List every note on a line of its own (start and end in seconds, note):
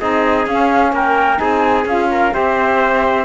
0.00 0.47 C4
0.00 0.48 D#4
0.00 0.94 G#4
0.00 0.47 D#5
0.47 0.93 C#4
0.47 1.37 C#4
0.47 0.94 F5
0.93 1.39 A#3
0.93 1.41 A#4
0.93 1.39 G5
1.37 1.86 C4
1.37 1.84 D#4
1.37 2.10 G#4
1.37 1.86 G#5
1.86 2.32 C#4
1.86 2.32 F4
1.86 2.34 F5
2.11 2.34 A#4
2.32 3.26 C4
2.32 3.25 G4
2.32 3.26 C5
2.32 3.26 E5